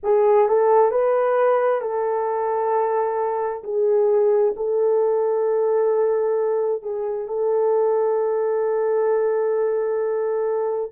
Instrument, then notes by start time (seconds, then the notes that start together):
horn
0.03 G#4
0.48 A4
0.91 B4
1.81 A4
3.63 G#4
4.56 A4
6.82 G#4
7.27 A4